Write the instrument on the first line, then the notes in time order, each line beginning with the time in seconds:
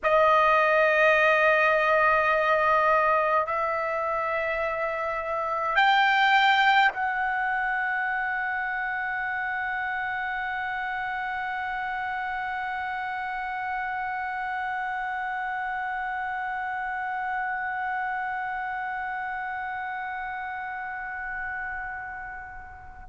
trumpet
0.03 D#5
3.46 E5
5.75 G5
6.92 F#5